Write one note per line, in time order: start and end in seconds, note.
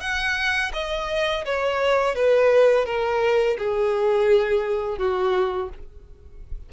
0.00 0.71 F#5
0.73 1.44 D#5
1.45 2.15 C#5
2.15 2.85 B4
2.85 3.57 A#4
3.57 4.97 G#4
4.97 5.69 F#4